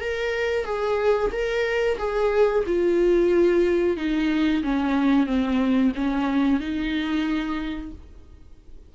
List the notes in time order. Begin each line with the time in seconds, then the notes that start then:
0.00 A#4
0.65 G#4
1.32 A#4
1.98 G#4
2.66 F4
3.97 D#4
4.63 C#4
5.26 C4
5.95 C#4
6.60 D#4